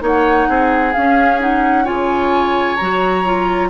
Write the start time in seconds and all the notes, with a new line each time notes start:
0.00 A#3 D#4 C#5 F#5
0.48 C4 G#4
0.93 C#4 F5
1.40 D#4 F#5
1.84 C#3 F4 C#5 G#5
2.76 F#3 F#4 A#5
3.25 F4